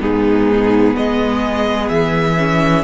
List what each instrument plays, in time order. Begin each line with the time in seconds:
0.00 cello G#2, viola B3, violin D#4 G#4
0.97 cello G#3, violin G#4 D#5
1.89 cello E3, violin E5
2.37 viola C#4